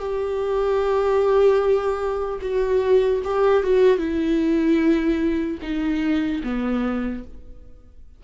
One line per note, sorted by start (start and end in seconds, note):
0.00 2.40 G4
2.42 3.22 F#4
3.24 3.64 G4
3.64 3.98 F#4
3.98 5.58 E4
5.63 6.43 D#4
6.44 7.24 B3